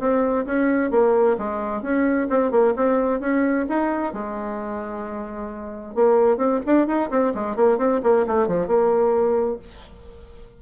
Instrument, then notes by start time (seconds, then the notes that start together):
bassoon
0.00 C4
0.46 C#4
0.91 A#3
1.38 G#3
1.82 C#4
2.30 C4
2.51 A#3
2.76 C4
3.21 C#4
3.69 D#4
4.14 G#3
5.95 A#3
6.37 C4
6.66 D4
6.87 D#4
7.11 C4
7.35 G#3
7.56 A#3
7.78 C4
8.04 A#3
8.27 A3
8.48 F3
8.68 A#3